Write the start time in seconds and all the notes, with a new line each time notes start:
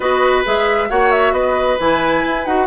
0.00 B3 F#4 B4 D#5
0.44 G#3 G#4 E5
0.89 A#3 F#4 C#5 F#5
1.11 E5
1.32 B3 B4 D#5
1.79 E3 E4 G#5
2.25 E4
2.45 D#4 F#4 F#5